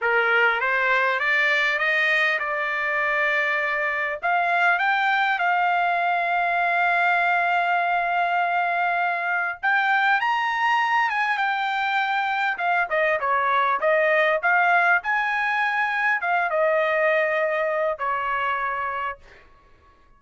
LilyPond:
\new Staff \with { instrumentName = "trumpet" } { \time 4/4 \tempo 4 = 100 ais'4 c''4 d''4 dis''4 | d''2. f''4 | g''4 f''2.~ | f''1 |
g''4 ais''4. gis''8 g''4~ | g''4 f''8 dis''8 cis''4 dis''4 | f''4 gis''2 f''8 dis''8~ | dis''2 cis''2 | }